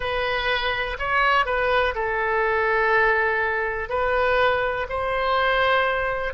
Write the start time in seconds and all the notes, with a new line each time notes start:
0.00 B4
0.98 C#5
1.45 B4
1.94 A4
3.89 B4
4.89 C5